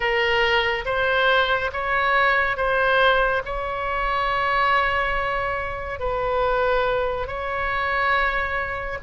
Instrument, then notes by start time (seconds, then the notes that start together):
oboe
0.00 A#4
0.85 C5
1.73 C#5
2.56 C5
3.45 C#5
5.99 B4
7.27 C#5